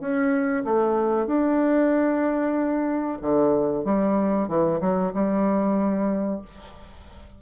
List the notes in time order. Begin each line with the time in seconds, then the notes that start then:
0.00 C#4
0.64 A3
1.26 D4
3.21 D3
3.84 G3
4.48 E3
4.80 F#3
5.14 G3